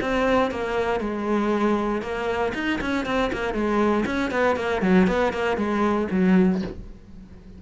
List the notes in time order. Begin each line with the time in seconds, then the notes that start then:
0.00 C4
0.50 A#3
1.00 G#3
2.01 A#3
2.54 D#4
2.81 C#4
3.05 C4
3.32 A#3
3.53 G#3
4.06 C#4
4.31 B3
4.56 A#3
4.81 F#3
5.07 B3
5.33 A#3
5.57 G#3
6.11 F#3